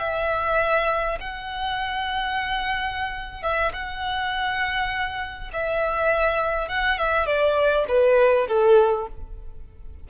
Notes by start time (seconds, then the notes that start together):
0.00 E5
1.21 F#5
3.43 E5
3.73 F#5
5.54 E5
6.69 F#5
6.99 E5
7.27 D5
7.88 B4
8.48 A4